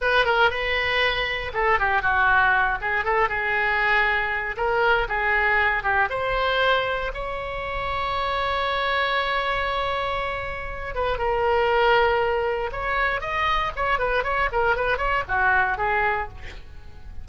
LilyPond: \new Staff \with { instrumentName = "oboe" } { \time 4/4 \tempo 4 = 118 b'8 ais'8 b'2 a'8 g'8 | fis'4. gis'8 a'8 gis'4.~ | gis'4 ais'4 gis'4. g'8 | c''2 cis''2~ |
cis''1~ | cis''4. b'8 ais'2~ | ais'4 cis''4 dis''4 cis''8 b'8 | cis''8 ais'8 b'8 cis''8 fis'4 gis'4 | }